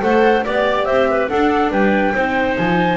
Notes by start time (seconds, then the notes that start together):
0.00 A3 A4 C5 F#5
0.44 B3 G4 D5
0.85 C4 C5 E5
1.10 B4
1.28 D4 A4 F#5
1.71 G3 B4 G5
2.14 C4 D#4 C5
2.57 F3 G#5